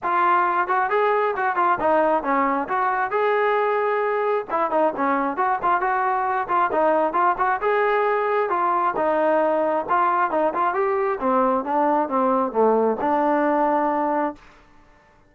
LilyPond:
\new Staff \with { instrumentName = "trombone" } { \time 4/4 \tempo 4 = 134 f'4. fis'8 gis'4 fis'8 f'8 | dis'4 cis'4 fis'4 gis'4~ | gis'2 e'8 dis'8 cis'4 | fis'8 f'8 fis'4. f'8 dis'4 |
f'8 fis'8 gis'2 f'4 | dis'2 f'4 dis'8 f'8 | g'4 c'4 d'4 c'4 | a4 d'2. | }